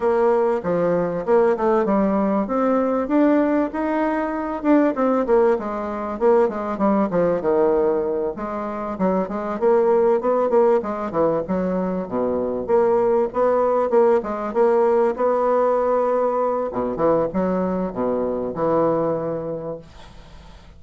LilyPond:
\new Staff \with { instrumentName = "bassoon" } { \time 4/4 \tempo 4 = 97 ais4 f4 ais8 a8 g4 | c'4 d'4 dis'4. d'8 | c'8 ais8 gis4 ais8 gis8 g8 f8 | dis4. gis4 fis8 gis8 ais8~ |
ais8 b8 ais8 gis8 e8 fis4 b,8~ | b,8 ais4 b4 ais8 gis8 ais8~ | ais8 b2~ b8 b,8 e8 | fis4 b,4 e2 | }